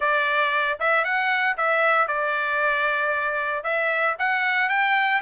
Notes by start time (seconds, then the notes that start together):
0.00 D5
0.79 E5
1.04 F#5
1.57 E5
2.07 D5
3.63 E5
4.18 F#5
4.69 G5